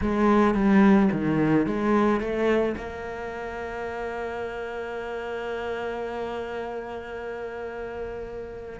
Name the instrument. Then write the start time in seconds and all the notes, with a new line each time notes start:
cello
0.01 G#3
0.54 G3
1.12 D#3
1.66 G#3
2.20 A3
2.77 A#3